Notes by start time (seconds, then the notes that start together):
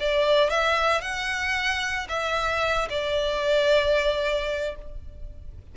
0.00 D5
0.50 E5
1.01 F#5
2.09 E5
2.90 D5